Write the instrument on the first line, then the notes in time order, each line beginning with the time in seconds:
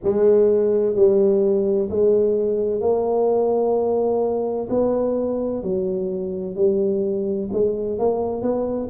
tuba
0.03 G#3
0.95 G3
1.90 G#3
2.80 A#3
4.69 B3
5.62 F#3
6.55 G3
7.52 G#3
7.99 A#3
8.42 B3